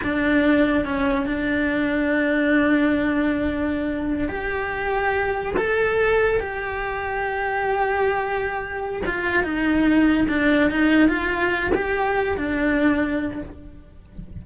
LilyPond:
\new Staff \with { instrumentName = "cello" } { \time 4/4 \tempo 4 = 143 d'2 cis'4 d'4~ | d'1~ | d'2~ d'16 g'4.~ g'16~ | g'4~ g'16 a'2 g'8.~ |
g'1~ | g'4. f'4 dis'4.~ | dis'8 d'4 dis'4 f'4. | g'4. d'2~ d'8 | }